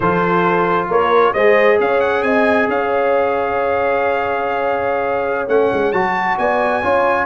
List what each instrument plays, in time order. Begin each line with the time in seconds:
0.00 tuba F3, trombone F4, horn A4, trumpet C5
0.88 tuba A#3, horn A#4, trumpet C#5
1.33 tuba G#3, trombone G#4, horn C5, trumpet D#5
1.79 tuba C#4, horn C#5, trumpet F5
2.00 trumpet F#5
2.22 tuba C4, horn D#5, trumpet G#5
2.67 tuba C#4, horn C#5, trumpet F5
5.47 tuba A3, trombone C#4, trumpet F#5
5.72 tuba G#3
5.92 tuba F#3, trombone F#4, trumpet A5
6.38 tuba B3, horn D5, trumpet G#5
6.82 tuba C#4, trombone F4, horn C#5